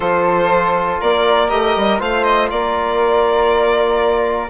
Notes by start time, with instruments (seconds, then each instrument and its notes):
0.00 bassoon F3, trombone F4, flute A4, violin C5
1.00 bassoon A#3, flute A#4, violin D5
1.49 bassoon A3, trombone G4, violin D#5
1.75 bassoon G3
1.99 bassoon A3, trombone F4, flute C5, violin F5
2.23 violin D#5
2.50 bassoon A#3, flute A#4, violin D5